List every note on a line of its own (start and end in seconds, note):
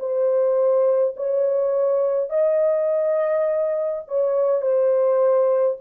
0.00 1.15 C5
1.16 2.30 C#5
2.30 4.03 D#5
4.08 4.62 C#5
4.62 5.77 C5